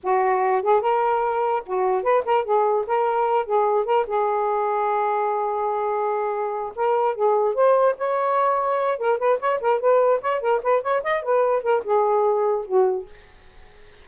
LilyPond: \new Staff \with { instrumentName = "saxophone" } { \time 4/4 \tempo 4 = 147 fis'4. gis'8 ais'2 | fis'4 b'8 ais'8 gis'4 ais'4~ | ais'8 gis'4 ais'8 gis'2~ | gis'1~ |
gis'8 ais'4 gis'4 c''4 cis''8~ | cis''2 ais'8 b'8 cis''8 ais'8 | b'4 cis''8 ais'8 b'8 cis''8 dis''8 b'8~ | b'8 ais'8 gis'2 fis'4 | }